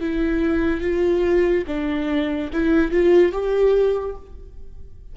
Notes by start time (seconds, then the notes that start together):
0.00 E4
0.81 F4
1.67 D4
2.53 E4
2.91 F4
3.32 G4